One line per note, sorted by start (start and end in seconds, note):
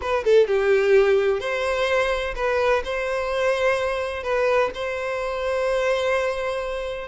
0.01 0.24 B4
0.24 0.47 A4
0.47 1.40 G4
1.40 2.34 C5
2.35 2.83 B4
2.84 4.23 C5
4.23 4.70 B4
4.74 7.08 C5